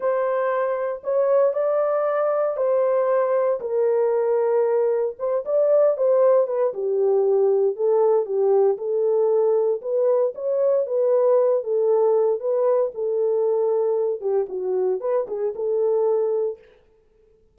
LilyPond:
\new Staff \with { instrumentName = "horn" } { \time 4/4 \tempo 4 = 116 c''2 cis''4 d''4~ | d''4 c''2 ais'4~ | ais'2 c''8 d''4 c''8~ | c''8 b'8 g'2 a'4 |
g'4 a'2 b'4 | cis''4 b'4. a'4. | b'4 a'2~ a'8 g'8 | fis'4 b'8 gis'8 a'2 | }